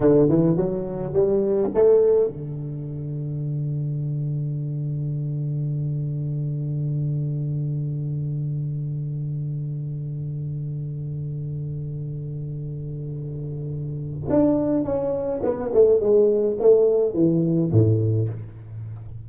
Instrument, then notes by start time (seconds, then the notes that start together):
tuba
0.00 D3
0.29 E3
0.56 F#3
1.13 G3
1.74 A3
2.28 D3
14.29 D4
14.84 C#4
15.43 B3
15.73 A3
15.99 G#3
16.59 A3
17.13 E3
17.71 A2